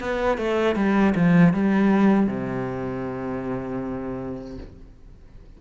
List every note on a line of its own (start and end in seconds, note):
0.00 0.38 B3
0.38 0.76 A3
0.76 1.14 G3
1.15 1.53 F3
1.54 2.27 G3
2.27 4.58 C3